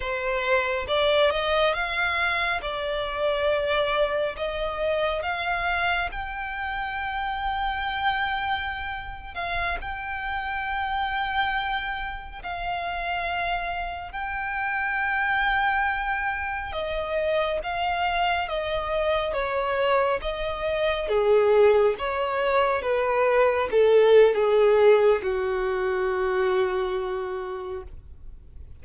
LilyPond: \new Staff \with { instrumentName = "violin" } { \time 4/4 \tempo 4 = 69 c''4 d''8 dis''8 f''4 d''4~ | d''4 dis''4 f''4 g''4~ | g''2~ g''8. f''8 g''8.~ | g''2~ g''16 f''4.~ f''16~ |
f''16 g''2. dis''8.~ | dis''16 f''4 dis''4 cis''4 dis''8.~ | dis''16 gis'4 cis''4 b'4 a'8. | gis'4 fis'2. | }